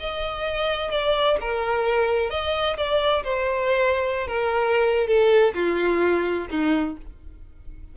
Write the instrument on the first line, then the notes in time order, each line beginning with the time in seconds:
violin
0.00 D#5
0.92 D5
1.41 A#4
2.31 D#5
2.77 D5
3.24 C5
4.28 A#4
5.08 A4
5.55 F4
6.51 D#4